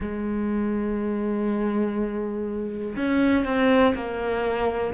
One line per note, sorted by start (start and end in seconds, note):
0.00 2.96 G#3
2.96 3.45 C#4
3.45 3.94 C4
3.95 4.93 A#3